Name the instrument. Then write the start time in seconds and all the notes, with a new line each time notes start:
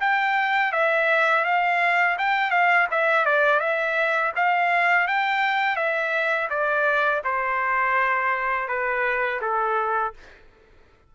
trumpet
0.00 G5
0.72 E5
1.45 F5
2.19 G5
2.51 F5
2.91 E5
3.25 D5
3.60 E5
4.36 F5
5.07 G5
5.76 E5
6.50 D5
7.25 C5
8.68 B4
9.41 A4